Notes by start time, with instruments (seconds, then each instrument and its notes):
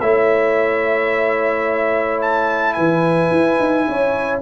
0.00 tuba A3, trombone E4, horn C#5, trumpet E5
2.21 trumpet A5
2.73 tuba E3, horn B4, trumpet G#5
3.31 tuba E4
3.59 tuba D#4
3.88 tuba C#4, horn C#5